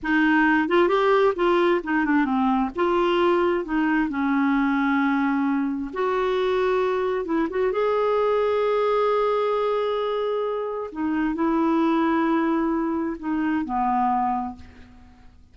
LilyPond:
\new Staff \with { instrumentName = "clarinet" } { \time 4/4 \tempo 4 = 132 dis'4. f'8 g'4 f'4 | dis'8 d'8 c'4 f'2 | dis'4 cis'2.~ | cis'4 fis'2. |
e'8 fis'8 gis'2.~ | gis'1 | dis'4 e'2.~ | e'4 dis'4 b2 | }